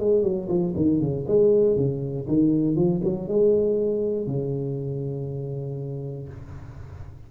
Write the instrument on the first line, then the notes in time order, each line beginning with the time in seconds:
tuba
0.00 G#3
0.23 F#3
0.49 F3
0.76 D#3
1.01 C#3
1.28 G#3
1.77 C#3
2.28 D#3
2.76 F3
3.05 F#3
3.28 G#3
4.27 C#3